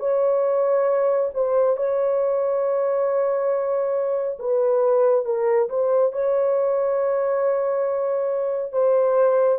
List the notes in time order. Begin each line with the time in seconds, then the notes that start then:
0.00 C#5
1.35 C5
1.77 C#5
4.40 B4
5.26 A#4
5.70 C5
6.13 C#5
8.73 C5